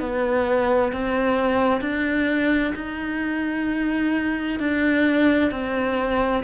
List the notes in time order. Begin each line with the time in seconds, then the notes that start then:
0.00 B3
0.92 C4
1.81 D4
2.75 D#4
4.59 D4
5.51 C4